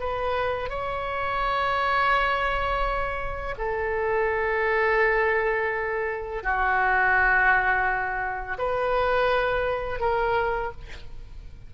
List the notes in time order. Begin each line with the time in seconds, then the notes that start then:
0.00 B4
0.70 C#5
3.58 A4
6.44 F#4
8.58 B4
10.00 A#4